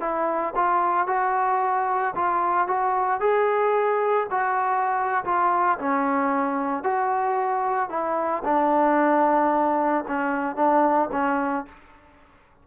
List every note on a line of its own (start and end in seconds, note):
0.00 0.54 E4
0.55 1.07 F4
1.07 2.14 F#4
2.15 2.67 F4
2.67 3.20 F#4
3.20 4.27 G#4
4.30 5.24 F#4
5.24 5.78 F4
5.78 6.83 C#4
6.83 7.89 F#4
7.89 8.43 E4
8.44 10.04 D4
10.07 10.56 C#4
10.56 11.09 D4
11.11 11.65 C#4